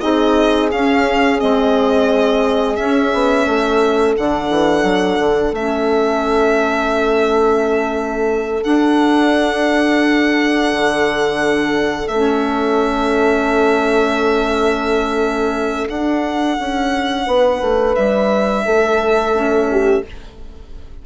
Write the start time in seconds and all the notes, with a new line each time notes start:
0.00 C4 D#4 G#4 D#5
0.71 C#4 F5
1.39 G#3 C4 D#5
2.76 C#4 E5
3.13 B3
3.46 A3 A4
4.16 D3 D4 F#5
4.50 E3
4.83 F#3
5.19 D3
5.52 A3 C#4 E5
8.62 D4 F#5
10.72 D3
12.08 A3 C#4 E5
15.87 D4 F#5
16.58 C#4
17.25 B3 B4
17.61 A3
17.95 G3 E5
18.65 A3 A4
19.32 C#4
19.71 G4